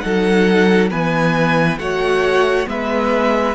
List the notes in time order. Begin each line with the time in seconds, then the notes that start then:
0.00 F#3 D#4 A4 F#5
0.90 E3 B3 B4 G#5
1.78 A3 F#4 C#5 F#5
2.66 G#3 B3 B4 E5